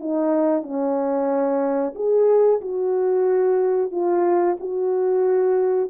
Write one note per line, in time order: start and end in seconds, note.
0.00 0.63 D#4
0.63 1.95 C#4
1.95 2.61 G#4
2.61 3.92 F#4
3.92 4.58 F4
4.60 5.91 F#4